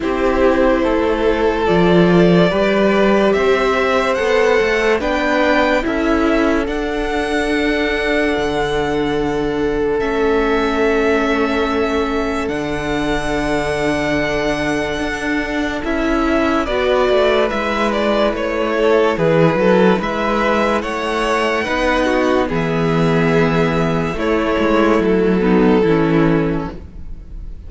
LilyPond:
<<
  \new Staff \with { instrumentName = "violin" } { \time 4/4 \tempo 4 = 72 c''2 d''2 | e''4 fis''4 g''4 e''4 | fis''1 | e''2. fis''4~ |
fis''2. e''4 | d''4 e''8 d''8 cis''4 b'4 | e''4 fis''2 e''4~ | e''4 cis''4 a'2 | }
  \new Staff \with { instrumentName = "violin" } { \time 4/4 g'4 a'2 b'4 | c''2 b'4 a'4~ | a'1~ | a'1~ |
a'1 | b'2~ b'8 a'8 gis'8 a'8 | b'4 cis''4 b'8 fis'8 gis'4~ | gis'4 e'4. dis'8 e'4 | }
  \new Staff \with { instrumentName = "viola" } { \time 4/4 e'2 f'4 g'4~ | g'4 a'4 d'4 e'4 | d'1 | cis'2. d'4~ |
d'2. e'4 | fis'4 e'2.~ | e'2 dis'4 b4~ | b4 a4. b8 cis'4 | }
  \new Staff \with { instrumentName = "cello" } { \time 4/4 c'4 a4 f4 g4 | c'4 b8 a8 b4 cis'4 | d'2 d2 | a2. d4~ |
d2 d'4 cis'4 | b8 a8 gis4 a4 e8 fis8 | gis4 a4 b4 e4~ | e4 a8 gis8 fis4 e4 | }
>>